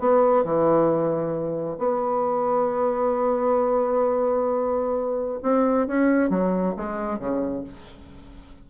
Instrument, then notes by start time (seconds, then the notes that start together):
bassoon
0.00 B3
0.45 E3
1.79 B3
5.43 C4
5.88 C#4
6.31 F#3
6.77 G#3
7.19 C#3